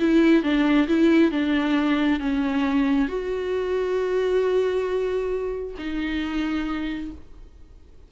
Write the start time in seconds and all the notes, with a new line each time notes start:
0.00 E4
0.43 D4
0.88 E4
1.32 D4
2.20 C#4
3.09 F#4
5.78 D#4